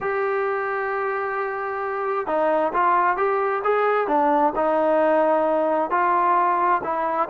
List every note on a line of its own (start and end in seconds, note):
0.00 2.26 G4
2.26 2.72 D#4
2.73 3.17 F4
3.17 3.62 G4
3.64 4.07 G#4
4.07 4.53 D4
4.55 5.90 D#4
5.90 6.81 F4
6.83 7.29 E4